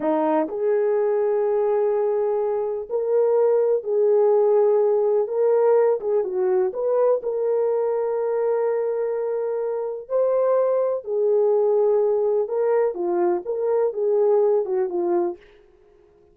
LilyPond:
\new Staff \with { instrumentName = "horn" } { \time 4/4 \tempo 4 = 125 dis'4 gis'2.~ | gis'2 ais'2 | gis'2. ais'4~ | ais'8 gis'8 fis'4 b'4 ais'4~ |
ais'1~ | ais'4 c''2 gis'4~ | gis'2 ais'4 f'4 | ais'4 gis'4. fis'8 f'4 | }